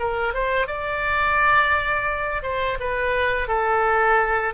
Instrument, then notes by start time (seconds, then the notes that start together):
oboe
0.00 A#4
0.34 C5
0.67 D5
2.43 C5
2.80 B4
3.48 A4